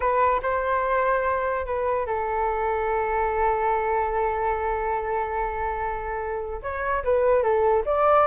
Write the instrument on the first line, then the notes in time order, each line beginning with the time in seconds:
flute
0.00 B4
0.42 C5
1.65 B4
2.06 A4
6.62 C#5
7.03 B4
7.42 A4
7.85 D5